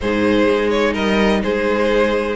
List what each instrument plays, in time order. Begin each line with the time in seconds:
0.00 cello G#2, viola D#4, violin G#4 C5
0.49 cello G#3
0.70 violin C#5
0.92 cello G3, violin A#4 D#5
1.42 cello G#3, violin G#4 C5